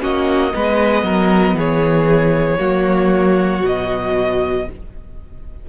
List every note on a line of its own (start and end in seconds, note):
0.00 0.53 A#3
0.00 0.52 C#4
0.00 0.53 F#4
0.00 1.58 D#5
0.52 1.03 G#3
0.52 2.58 B3
0.52 1.04 B4
1.03 1.53 F#3
1.03 1.56 A#4
1.53 2.57 E3
1.53 2.58 G#4
1.53 3.65 C#5
2.58 3.62 F#3
2.58 3.62 A#3
2.58 4.65 F#4
3.62 4.66 B2
3.62 4.67 F#3
3.62 4.69 D#5